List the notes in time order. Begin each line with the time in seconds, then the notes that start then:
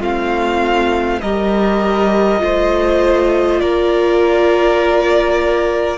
0.00 A3 C4 F4 F5
1.21 G3 G4 A#4 D#5
2.38 A3 F4 C5
3.60 A#3 A#4 D5